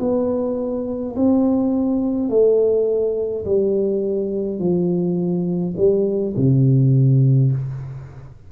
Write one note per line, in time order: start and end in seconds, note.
0.00 1.15 B3
1.16 2.30 C4
2.30 3.45 A3
3.46 4.60 G3
4.60 5.75 F3
5.77 6.35 G3
6.37 7.52 C3